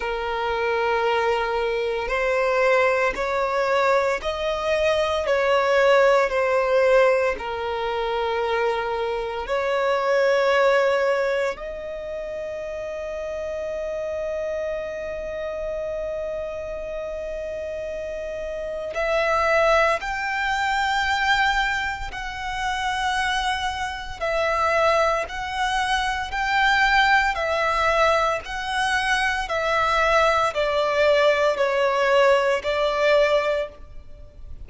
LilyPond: \new Staff \with { instrumentName = "violin" } { \time 4/4 \tempo 4 = 57 ais'2 c''4 cis''4 | dis''4 cis''4 c''4 ais'4~ | ais'4 cis''2 dis''4~ | dis''1~ |
dis''2 e''4 g''4~ | g''4 fis''2 e''4 | fis''4 g''4 e''4 fis''4 | e''4 d''4 cis''4 d''4 | }